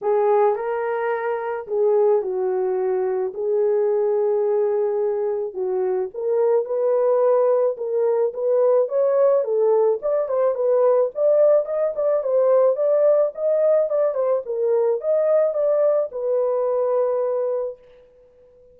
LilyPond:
\new Staff \with { instrumentName = "horn" } { \time 4/4 \tempo 4 = 108 gis'4 ais'2 gis'4 | fis'2 gis'2~ | gis'2 fis'4 ais'4 | b'2 ais'4 b'4 |
cis''4 a'4 d''8 c''8 b'4 | d''4 dis''8 d''8 c''4 d''4 | dis''4 d''8 c''8 ais'4 dis''4 | d''4 b'2. | }